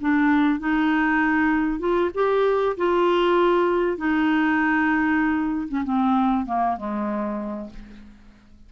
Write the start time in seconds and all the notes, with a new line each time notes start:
0.00 D4
0.59 D#4
1.79 F4
2.14 G4
2.76 F4
3.97 D#4
5.68 C#4
5.84 C4
6.46 A#3
6.76 G#3